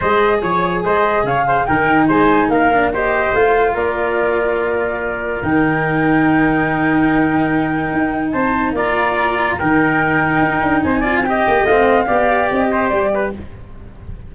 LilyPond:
<<
  \new Staff \with { instrumentName = "flute" } { \time 4/4 \tempo 4 = 144 dis''4 cis''4 dis''4 f''4 | g''4 gis''4 f''4 dis''4 | f''4 d''2.~ | d''4 g''2.~ |
g''1 | a''4 ais''2 g''4~ | g''2 gis''4 g''4 | f''2 dis''4 d''4 | }
  \new Staff \with { instrumentName = "trumpet" } { \time 4/4 c''4 cis''4 c''4 cis''8 c''8 | ais'4 c''4 ais'4 c''4~ | c''4 ais'2.~ | ais'1~ |
ais'1 | c''4 d''2 ais'4~ | ais'2 c''8 d''8 dis''4~ | dis''4 d''4. c''4 b'8 | }
  \new Staff \with { instrumentName = "cello" } { \time 4/4 gis'1 | dis'2~ dis'8 d'8 g'4 | f'1~ | f'4 dis'2.~ |
dis'1~ | dis'4 f'2 dis'4~ | dis'2~ dis'8 f'8 g'4 | c'4 g'2. | }
  \new Staff \with { instrumentName = "tuba" } { \time 4/4 gis4 f4 gis4 cis4 | dis4 gis4 ais2 | a4 ais2.~ | ais4 dis2.~ |
dis2. dis'4 | c'4 ais2 dis4~ | dis4 dis'8 d'8 c'4. ais8 | a4 b4 c'4 g4 | }
>>